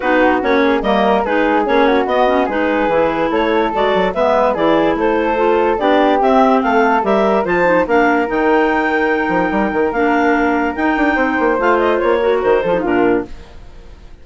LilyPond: <<
  \new Staff \with { instrumentName = "clarinet" } { \time 4/4 \tempo 4 = 145 b'4 cis''4 dis''4 b'4 | cis''4 dis''4 b'2 | cis''4 d''4 e''4 d''4 | c''2 d''4 e''4 |
f''4 e''4 a''4 f''4 | g''1 | f''2 g''2 | f''8 dis''8 cis''4 c''4 ais'4 | }
  \new Staff \with { instrumentName = "flute" } { \time 4/4 fis'4. gis'8 ais'4 gis'4~ | gis'8 fis'4. gis'2 | a'2 b'4 gis'4 | a'2 g'2 |
a'4 ais'4 c''4 ais'4~ | ais'1~ | ais'2. c''4~ | c''4. ais'4 a'8 f'4 | }
  \new Staff \with { instrumentName = "clarinet" } { \time 4/4 dis'4 cis'4 ais4 dis'4 | cis'4 b8 cis'8 dis'4 e'4~ | e'4 fis'4 b4 e'4~ | e'4 f'4 d'4 c'4~ |
c'4 g'4 f'8 dis'8 d'4 | dis'1 | d'2 dis'2 | f'4. fis'4 f'16 dis'16 d'4 | }
  \new Staff \with { instrumentName = "bassoon" } { \time 4/4 b4 ais4 g4 gis4 | ais4 b4 gis4 e4 | a4 gis8 fis8 gis4 e4 | a2 b4 c'4 |
a4 g4 f4 ais4 | dis2~ dis8 f8 g8 dis8 | ais2 dis'8 d'8 c'8 ais8 | a4 ais4 dis8 f8 ais,4 | }
>>